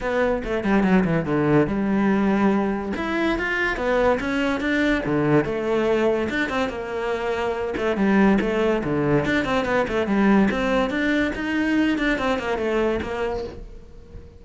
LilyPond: \new Staff \with { instrumentName = "cello" } { \time 4/4 \tempo 4 = 143 b4 a8 g8 fis8 e8 d4 | g2. e'4 | f'4 b4 cis'4 d'4 | d4 a2 d'8 c'8 |
ais2~ ais8 a8 g4 | a4 d4 d'8 c'8 b8 a8 | g4 c'4 d'4 dis'4~ | dis'8 d'8 c'8 ais8 a4 ais4 | }